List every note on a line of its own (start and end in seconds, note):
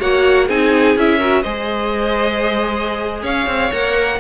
0.00 0.49 A#3
0.00 0.49 F#4
0.00 0.47 C#5
0.00 0.49 F#5
0.47 0.96 C4
0.47 0.97 D#4
0.47 1.19 G#4
0.47 0.98 G#5
0.96 1.44 C#4
0.96 1.20 E4
0.96 1.43 E5
1.19 1.44 F#4
1.19 1.43 A#4
1.43 3.23 G#3
1.43 3.73 G#4
1.43 3.23 C5
1.43 3.23 D#5
3.23 3.47 C#4
3.23 4.19 C#5
3.23 3.73 F5
3.47 3.71 C4
3.73 4.21 A#3
3.73 4.21 A#4
3.73 4.21 F#5